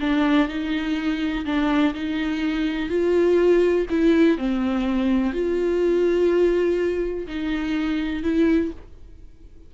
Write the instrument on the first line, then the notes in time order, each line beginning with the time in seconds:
viola
0.00 D4
0.48 D#4
1.45 D4
1.94 D#4
2.90 F4
3.90 E4
4.38 C4
5.33 F4
7.27 D#4
8.23 E4